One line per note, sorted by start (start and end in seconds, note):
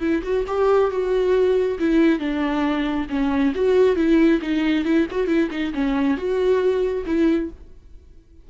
0.00 0.22 E4
0.23 0.45 F#4
0.47 0.91 G4
0.91 1.78 F#4
1.79 2.19 E4
2.19 3.07 D4
3.09 3.53 C#4
3.55 3.96 F#4
3.96 4.40 E4
4.41 4.85 D#4
4.85 5.06 E4
5.11 5.27 F#4
5.27 5.49 E4
5.51 5.73 D#4
5.74 6.17 C#4
6.17 7.05 F#4
7.06 7.50 E4